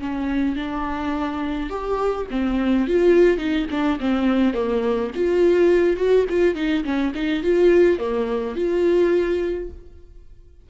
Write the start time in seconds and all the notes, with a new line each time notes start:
0.00 C#4
0.56 D4
1.70 G4
2.31 C4
2.87 F4
3.38 D#4
3.71 D4
4.00 C4
4.54 A#3
5.15 F4
5.97 F#4
6.30 F4
6.55 D#4
6.84 C#4
7.15 D#4
7.43 F4
7.99 A#3
8.56 F4